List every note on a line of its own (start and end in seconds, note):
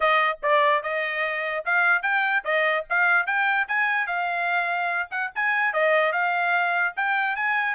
0.00 0.38 D#5
0.42 0.82 D5
0.82 1.64 D#5
1.65 2.02 F5
2.02 2.43 G5
2.44 2.85 D#5
2.89 3.26 F5
3.26 3.67 G5
3.67 4.06 G#5
4.06 5.08 F5
5.10 5.31 F#5
5.35 5.73 G#5
5.73 6.12 D#5
6.12 6.94 F5
6.96 7.36 G5
7.36 7.74 G#5